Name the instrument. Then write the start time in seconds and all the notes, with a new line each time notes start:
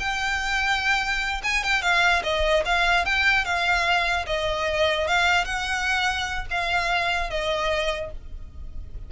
violin
0.00 G5
1.44 G#5
1.64 G5
1.82 F5
2.23 D#5
2.66 F5
3.05 G5
3.45 F5
4.27 D#5
5.08 F5
5.45 F#5
6.51 F5
7.30 D#5